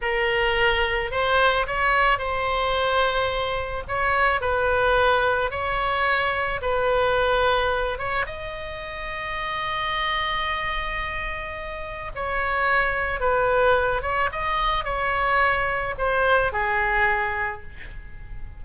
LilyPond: \new Staff \with { instrumentName = "oboe" } { \time 4/4 \tempo 4 = 109 ais'2 c''4 cis''4 | c''2. cis''4 | b'2 cis''2 | b'2~ b'8 cis''8 dis''4~ |
dis''1~ | dis''2 cis''2 | b'4. cis''8 dis''4 cis''4~ | cis''4 c''4 gis'2 | }